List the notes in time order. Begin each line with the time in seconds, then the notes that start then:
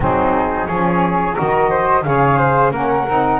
0.00 F#3 C4 D#4 G#4
0.66 F3 C#4 G#4 C#5
1.34 D#3 F#4 A#4 D#5
1.69 C5
2.03 C#3 G#4 C#5 F5
2.37 C5
2.70 A#3 C#4 A#4 F#5
3.08 C4 D#4